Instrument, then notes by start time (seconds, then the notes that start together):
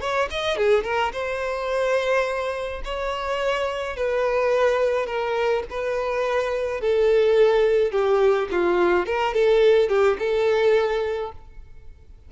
violin
0.00 C#5
0.30 D#5
0.56 G#4
0.83 A#4
1.12 C5
2.84 C#5
3.96 B4
5.06 A#4
5.70 B4
6.81 A4
7.91 G4
8.51 F4
9.06 A#4
9.33 A4
9.89 G4
10.18 A4